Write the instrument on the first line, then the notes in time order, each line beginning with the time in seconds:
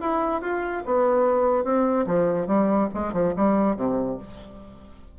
bassoon
0.00 E4
0.41 F4
0.85 B3
1.64 C4
2.06 F3
2.47 G3
2.94 G#3
3.13 F3
3.36 G3
3.76 C3